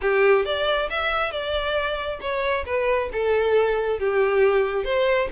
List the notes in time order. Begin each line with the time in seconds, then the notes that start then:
0.01 G4
0.45 D5
0.90 E5
1.31 D5
2.20 C#5
2.65 B4
3.12 A4
3.99 G4
4.84 C5